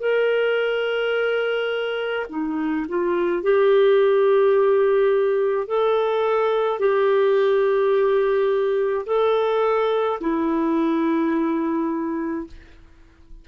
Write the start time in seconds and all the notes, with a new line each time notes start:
0.00 A#4
2.29 D#4
2.88 F4
3.43 G4
5.67 A4
6.79 G4
9.06 A4
10.20 E4